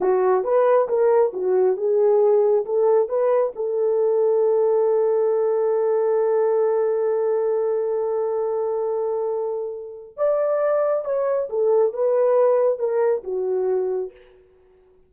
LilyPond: \new Staff \with { instrumentName = "horn" } { \time 4/4 \tempo 4 = 136 fis'4 b'4 ais'4 fis'4 | gis'2 a'4 b'4 | a'1~ | a'1~ |
a'1~ | a'2. d''4~ | d''4 cis''4 a'4 b'4~ | b'4 ais'4 fis'2 | }